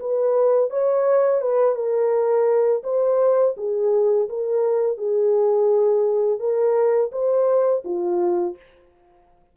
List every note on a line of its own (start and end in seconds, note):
0.00 0.71 B4
0.71 1.42 C#5
1.42 1.76 B4
1.76 2.83 A#4
2.84 3.55 C5
3.57 4.29 G#4
4.29 4.98 A#4
4.98 6.40 G#4
6.40 7.11 A#4
7.12 7.83 C5
7.85 8.56 F4